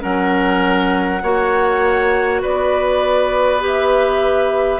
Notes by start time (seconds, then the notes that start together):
0.00 F#3 C#4 A#4 F#5
1.22 A#3 F#4 C#5
2.42 B3 B4 D5
3.60 G4
3.67 E5